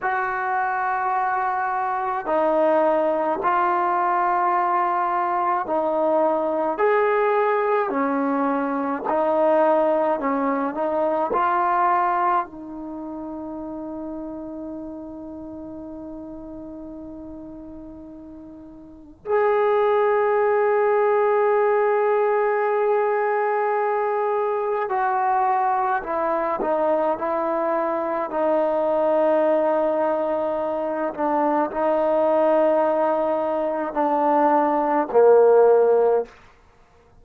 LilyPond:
\new Staff \with { instrumentName = "trombone" } { \time 4/4 \tempo 4 = 53 fis'2 dis'4 f'4~ | f'4 dis'4 gis'4 cis'4 | dis'4 cis'8 dis'8 f'4 dis'4~ | dis'1~ |
dis'4 gis'2.~ | gis'2 fis'4 e'8 dis'8 | e'4 dis'2~ dis'8 d'8 | dis'2 d'4 ais4 | }